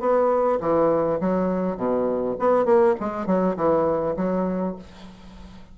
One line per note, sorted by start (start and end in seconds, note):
0.00 0.59 B3
0.60 1.20 E3
1.21 1.77 F#3
1.77 2.36 B2
2.39 2.65 B3
2.65 2.95 A#3
3.00 3.26 G#3
3.26 3.56 F#3
3.57 4.16 E3
4.16 4.76 F#3